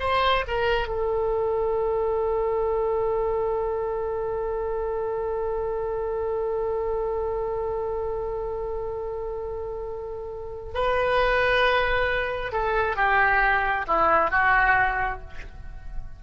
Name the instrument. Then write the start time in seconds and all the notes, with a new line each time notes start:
oboe
0.00 C5
0.48 A#4
0.88 A4
10.74 B4
12.52 A4
12.96 G4
13.88 E4
14.31 F#4